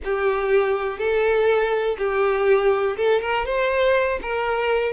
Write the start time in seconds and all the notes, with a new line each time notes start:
0.04 G4
0.98 A4
1.98 G4
2.96 A4
3.21 A#4
3.45 C5
4.22 A#4